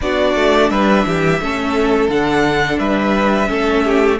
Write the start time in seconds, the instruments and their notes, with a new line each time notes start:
0.01 cello B3, viola D4, violin F#4 D5
0.35 cello A3
0.69 cello G3, violin B4 E5
1.05 cello E3, violin G4
1.40 cello A3, viola C#4, violin A4
2.08 cello D3, viola D4, violin F#5
2.78 cello G3, violin B4 E5
3.47 cello A3, viola C#4, violin A4
3.84 violin G4